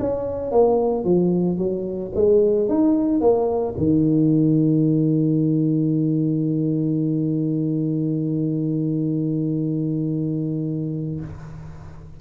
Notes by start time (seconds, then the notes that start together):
0.00 C#4
0.51 A#3
1.04 F3
1.58 F#3
2.15 G#3
2.69 D#4
3.21 A#3
3.77 D#3